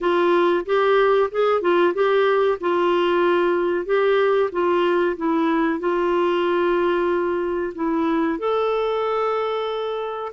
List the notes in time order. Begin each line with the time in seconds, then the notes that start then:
0.00 F4
0.65 G4
1.31 G#4
1.61 F4
1.94 G4
2.60 F4
3.85 G4
4.52 F4
5.16 E4
5.79 F4
7.74 E4
8.38 A4